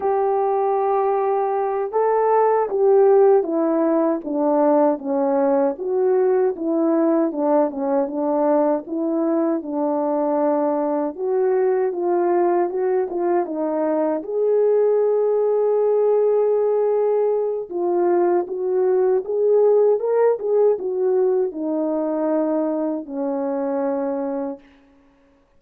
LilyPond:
\new Staff \with { instrumentName = "horn" } { \time 4/4 \tempo 4 = 78 g'2~ g'8 a'4 g'8~ | g'8 e'4 d'4 cis'4 fis'8~ | fis'8 e'4 d'8 cis'8 d'4 e'8~ | e'8 d'2 fis'4 f'8~ |
f'8 fis'8 f'8 dis'4 gis'4.~ | gis'2. f'4 | fis'4 gis'4 ais'8 gis'8 fis'4 | dis'2 cis'2 | }